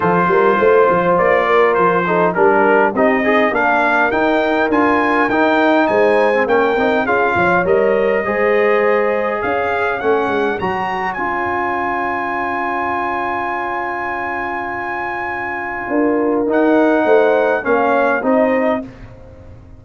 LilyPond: <<
  \new Staff \with { instrumentName = "trumpet" } { \time 4/4 \tempo 4 = 102 c''2 d''4 c''4 | ais'4 dis''4 f''4 g''4 | gis''4 g''4 gis''4 g''4 | f''4 dis''2. |
f''4 fis''4 ais''4 gis''4~ | gis''1~ | gis''1 | fis''2 f''4 dis''4 | }
  \new Staff \with { instrumentName = "horn" } { \time 4/4 a'8 ais'8 c''4. ais'4 a'8 | ais'4 g'8 dis'8 ais'2~ | ais'2 c''4 ais'4 | gis'8 cis''4. c''2 |
cis''1~ | cis''1~ | cis''2. ais'4~ | ais'4 c''4 cis''4 c''4 | }
  \new Staff \with { instrumentName = "trombone" } { \time 4/4 f'2.~ f'8 dis'8 | d'4 dis'8 gis'8 d'4 dis'4 | f'4 dis'4.~ dis'16 c'16 cis'8 dis'8 | f'4 ais'4 gis'2~ |
gis'4 cis'4 fis'4 f'4~ | f'1~ | f'1 | dis'2 cis'4 dis'4 | }
  \new Staff \with { instrumentName = "tuba" } { \time 4/4 f8 g8 a8 f8 ais4 f4 | g4 c'4 ais4 dis'4 | d'4 dis'4 gis4 ais8 c'8 | cis'8 f8 g4 gis2 |
cis'4 a8 gis8 fis4 cis'4~ | cis'1~ | cis'2. d'4 | dis'4 a4 ais4 c'4 | }
>>